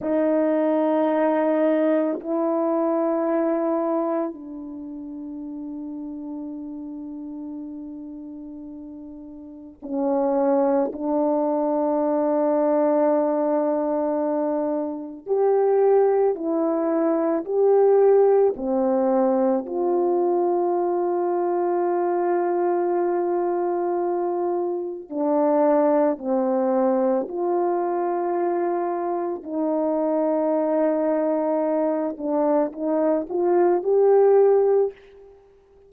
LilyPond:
\new Staff \with { instrumentName = "horn" } { \time 4/4 \tempo 4 = 55 dis'2 e'2 | d'1~ | d'4 cis'4 d'2~ | d'2 g'4 e'4 |
g'4 c'4 f'2~ | f'2. d'4 | c'4 f'2 dis'4~ | dis'4. d'8 dis'8 f'8 g'4 | }